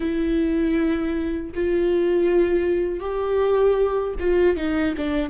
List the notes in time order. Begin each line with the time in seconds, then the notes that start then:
0.00 E4
1.55 F4
3.00 G4
4.19 F4
4.56 D#4
4.97 D4